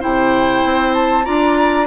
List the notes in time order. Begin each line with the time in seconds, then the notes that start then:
0.00 C3 E4 C5 G5
0.64 C4
0.94 A5
1.24 D4 F4 D5 A#5